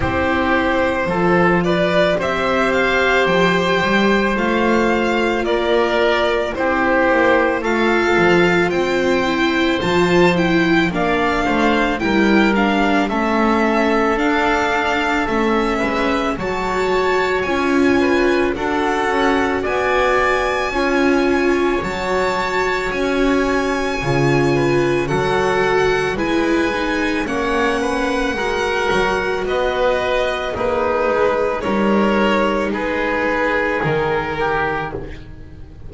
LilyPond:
<<
  \new Staff \with { instrumentName = "violin" } { \time 4/4 \tempo 4 = 55 c''4. d''8 e''8 f''8 g''4 | f''4 d''4 c''4 f''4 | g''4 a''8 g''8 f''4 g''8 f''8 | e''4 f''4 e''4 a''4 |
gis''4 fis''4 gis''2 | a''4 gis''2 fis''4 | gis''4 fis''2 dis''4 | b'4 cis''4 b'4 ais'4 | }
  \new Staff \with { instrumentName = "oboe" } { \time 4/4 g'4 a'8 b'8 c''2~ | c''4 ais'4 g'4 a'4 | c''2 d''8 c''8 ais'4 | a'2~ a'8 b'8 cis''4~ |
cis''8 b'8 a'4 d''4 cis''4~ | cis''2~ cis''8 b'8 a'4 | b'4 cis''8 b'8 ais'4 b'4 | dis'4 ais'4 gis'4. g'8 | }
  \new Staff \with { instrumentName = "viola" } { \time 4/4 e'4 f'4 g'2 | f'2 e'4 f'4~ | f'8 e'8 f'8 e'8 d'4 e'8 d'8 | cis'4 d'4 cis'4 fis'4 |
f'4 fis'2 f'4 | fis'2 f'4 fis'4 | e'8 dis'8 cis'4 fis'2 | gis'4 dis'2. | }
  \new Staff \with { instrumentName = "double bass" } { \time 4/4 c'4 f4 c'4 f8 g8 | a4 ais4 c'8 ais8 a8 f8 | c'4 f4 ais8 a8 g4 | a4 d'4 a8 gis8 fis4 |
cis'4 d'8 cis'8 b4 cis'4 | fis4 cis'4 cis4 fis4 | gis4 ais4 gis8 fis8 b4 | ais8 gis8 g4 gis4 dis4 | }
>>